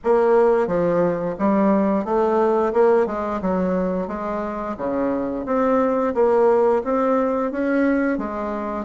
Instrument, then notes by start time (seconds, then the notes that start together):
bassoon
0.03 A#3
0.67 F3
1.38 G3
2.05 A3
2.73 A#3
3.06 G#3
3.41 F#3
4.07 G#3
4.77 C#3
5.45 C4
6.14 A#3
6.84 C4
7.51 C#4
8.18 G#3